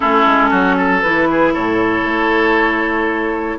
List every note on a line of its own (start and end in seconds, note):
0.00 0.26 A3
0.00 1.02 C#4
0.00 0.50 E4
0.00 1.00 A4
0.26 0.51 G#3
0.50 1.02 F#3
0.50 0.76 F#4
0.77 1.28 A4
1.01 1.55 E3
1.01 3.58 E4
1.01 1.52 B4
1.30 1.53 G#4
1.53 2.04 A2
1.53 3.58 A4
1.53 3.58 C#5
2.04 3.57 A3